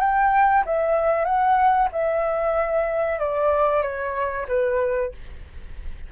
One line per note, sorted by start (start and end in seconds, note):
0.00 0.64 G5
0.66 1.25 E5
1.25 1.89 F#5
1.92 3.19 E5
3.19 3.82 D5
3.82 4.46 C#5
4.48 5.12 B4